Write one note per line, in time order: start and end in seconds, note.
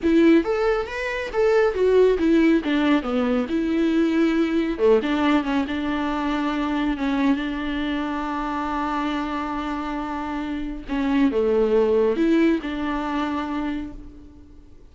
0.02 0.44 E4
0.44 0.86 A4
0.86 1.30 B4
1.32 1.74 A4
1.74 2.17 F#4
2.18 2.61 E4
2.64 3.02 D4
3.02 3.46 B3
3.48 4.78 E4
4.78 5.00 A3
5.02 5.43 D4
5.43 5.65 C#4
5.67 6.97 D4
6.97 7.36 C#4
7.36 10.83 D4
10.88 11.31 C#4
11.31 12.16 A3
12.16 12.59 E4
12.62 13.92 D4